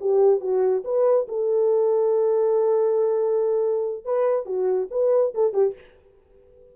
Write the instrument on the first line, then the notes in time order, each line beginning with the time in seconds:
horn
0.00 G4
0.40 F#4
0.84 B4
1.28 A4
4.05 B4
4.45 F#4
4.90 B4
5.34 A4
5.53 G4